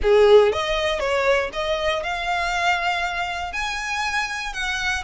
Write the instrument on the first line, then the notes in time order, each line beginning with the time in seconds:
violin
0.02 G#4
0.52 D#5
0.99 C#5
1.52 D#5
2.03 F5
3.52 G#5
4.53 F#5